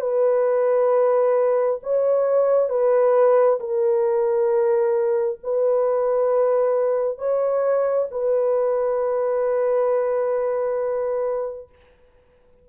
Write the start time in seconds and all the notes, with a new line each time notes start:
0.00 B4
1.83 C#5
2.69 B4
3.59 A#4
5.43 B4
7.18 C#5
8.10 B4